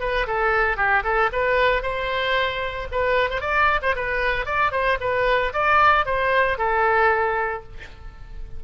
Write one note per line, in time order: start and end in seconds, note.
0.00 0.26 B4
0.27 0.77 A4
0.77 1.03 G4
1.04 1.30 A4
1.32 1.82 B4
1.82 2.88 C5
2.92 3.30 B4
3.30 3.41 C5
3.41 3.80 D5
3.82 3.95 C5
3.96 4.46 B4
4.46 4.72 D5
4.72 4.98 C5
5.00 5.53 B4
5.53 6.06 D5
6.06 6.58 C5
6.58 7.63 A4